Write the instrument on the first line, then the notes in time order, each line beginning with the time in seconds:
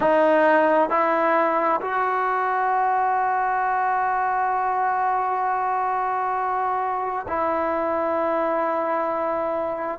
trombone
0.00 D#4
0.89 E4
1.81 F#4
7.27 E4